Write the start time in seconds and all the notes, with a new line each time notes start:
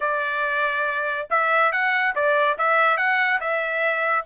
0.00 D5
1.30 E5
1.72 F#5
2.15 D5
2.57 E5
2.97 F#5
3.40 E5